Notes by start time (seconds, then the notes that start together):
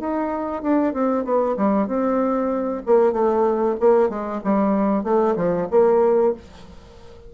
0.00 D#4
0.63 D4
0.93 C4
1.25 B3
1.57 G3
1.88 C4
2.86 A#3
3.13 A3
3.80 A#3
4.10 G#3
4.44 G3
5.04 A3
5.37 F3
5.71 A#3